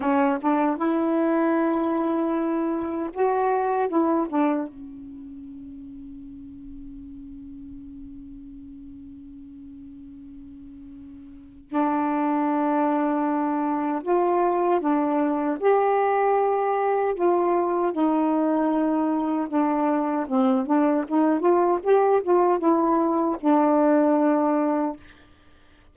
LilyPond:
\new Staff \with { instrumentName = "saxophone" } { \time 4/4 \tempo 4 = 77 cis'8 d'8 e'2. | fis'4 e'8 d'8 cis'2~ | cis'1~ | cis'2. d'4~ |
d'2 f'4 d'4 | g'2 f'4 dis'4~ | dis'4 d'4 c'8 d'8 dis'8 f'8 | g'8 f'8 e'4 d'2 | }